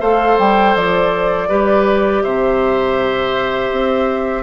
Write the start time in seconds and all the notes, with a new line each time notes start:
0.00 A3 A4 C5 F5
0.38 G3 G5
0.76 F3 D5
1.48 G3 G4 B4
2.23 C3 C5 E5
3.71 C4